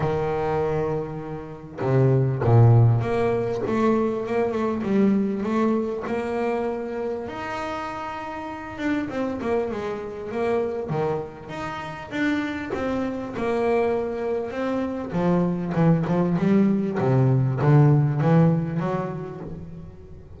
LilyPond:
\new Staff \with { instrumentName = "double bass" } { \time 4/4 \tempo 4 = 99 dis2. c4 | ais,4 ais4 a4 ais8 a8 | g4 a4 ais2 | dis'2~ dis'8 d'8 c'8 ais8 |
gis4 ais4 dis4 dis'4 | d'4 c'4 ais2 | c'4 f4 e8 f8 g4 | c4 d4 e4 fis4 | }